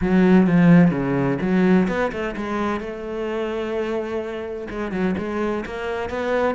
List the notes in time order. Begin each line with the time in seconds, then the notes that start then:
0.01 F#3
0.46 F3
0.91 C#3
1.41 F#3
1.88 B3
2.12 A3
2.36 G#3
2.80 A3
4.69 G#3
4.91 F#3
5.18 G#3
5.65 A#3
6.09 B3